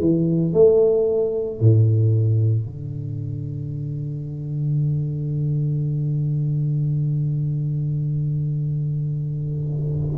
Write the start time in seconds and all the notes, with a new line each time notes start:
0.00 E3
0.53 A3
1.60 A2
2.66 D3